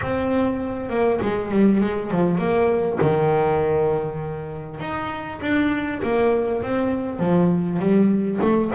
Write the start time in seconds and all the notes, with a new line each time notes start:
0.01 C4
0.89 A#3
1.21 G#3
1.51 G3
1.80 G#3
2.11 F3
2.38 A#3
3.01 D#3
4.80 D#4
5.41 D4
6.02 A#3
6.62 C4
7.19 F3
7.79 G3
8.41 A3